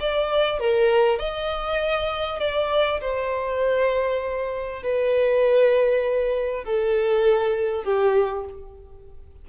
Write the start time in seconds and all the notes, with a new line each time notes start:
0.00 D5
0.60 A#4
1.19 D#5
2.40 D5
3.01 C5
4.83 B4
6.65 A4
7.84 G4